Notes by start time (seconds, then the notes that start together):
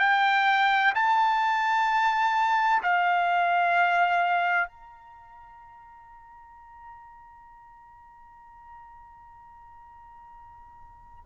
0.00 G5
0.95 A5
2.83 F5
4.68 A#5